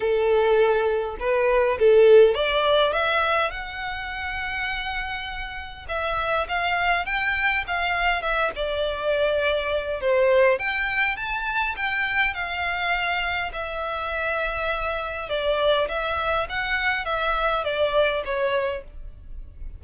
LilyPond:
\new Staff \with { instrumentName = "violin" } { \time 4/4 \tempo 4 = 102 a'2 b'4 a'4 | d''4 e''4 fis''2~ | fis''2 e''4 f''4 | g''4 f''4 e''8 d''4.~ |
d''4 c''4 g''4 a''4 | g''4 f''2 e''4~ | e''2 d''4 e''4 | fis''4 e''4 d''4 cis''4 | }